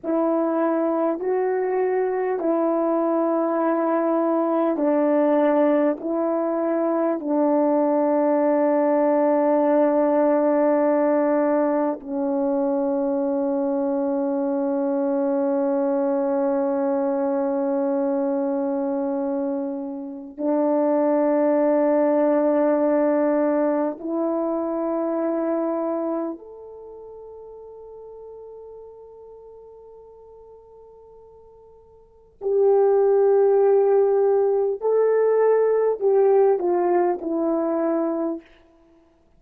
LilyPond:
\new Staff \with { instrumentName = "horn" } { \time 4/4 \tempo 4 = 50 e'4 fis'4 e'2 | d'4 e'4 d'2~ | d'2 cis'2~ | cis'1~ |
cis'4 d'2. | e'2 a'2~ | a'2. g'4~ | g'4 a'4 g'8 f'8 e'4 | }